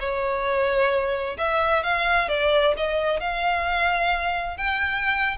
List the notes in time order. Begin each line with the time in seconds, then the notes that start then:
0.00 C#5
1.38 E5
1.83 F5
2.29 D5
2.77 D#5
3.20 F5
4.57 G5